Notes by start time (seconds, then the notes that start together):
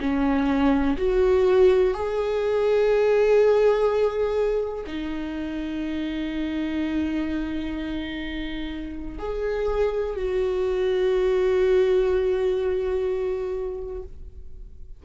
0.00 C#4
0.98 F#4
1.94 G#4
4.87 D#4
9.19 G#4
10.16 F#4